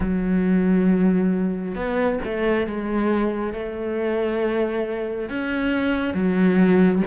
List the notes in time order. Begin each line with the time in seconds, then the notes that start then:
0.00 F#3
1.75 B3
2.24 A3
2.66 G#3
3.53 A3
5.29 C#4
6.13 F#3